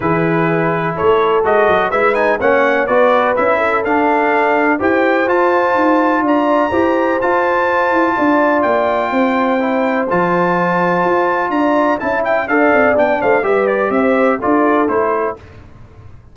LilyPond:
<<
  \new Staff \with { instrumentName = "trumpet" } { \time 4/4 \tempo 4 = 125 b'2 cis''4 dis''4 | e''8 gis''8 fis''4 d''4 e''4 | f''2 g''4 a''4~ | a''4 ais''2 a''4~ |
a''2 g''2~ | g''4 a''2. | ais''4 a''8 g''8 f''4 g''8 f''8 | e''8 d''8 e''4 d''4 c''4 | }
  \new Staff \with { instrumentName = "horn" } { \time 4/4 gis'2 a'2 | b'4 cis''4 b'4. a'8~ | a'2 c''2~ | c''4 d''4 c''2~ |
c''4 d''2 c''4~ | c''1 | d''4 e''4 d''4. c''8 | b'4 c''4 a'2 | }
  \new Staff \with { instrumentName = "trombone" } { \time 4/4 e'2. fis'4 | e'8 dis'8 cis'4 fis'4 e'4 | d'2 g'4 f'4~ | f'2 g'4 f'4~ |
f'1 | e'4 f'2.~ | f'4 e'4 a'4 d'4 | g'2 f'4 e'4 | }
  \new Staff \with { instrumentName = "tuba" } { \time 4/4 e2 a4 gis8 fis8 | gis4 ais4 b4 cis'4 | d'2 e'4 f'4 | dis'4 d'4 e'4 f'4~ |
f'8 e'8 d'4 ais4 c'4~ | c'4 f2 f'4 | d'4 cis'4 d'8 c'8 b8 a8 | g4 c'4 d'4 a4 | }
>>